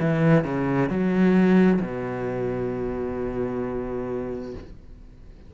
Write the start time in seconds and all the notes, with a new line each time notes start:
0.00 E3
0.44 C#3
0.89 F#3
1.81 B2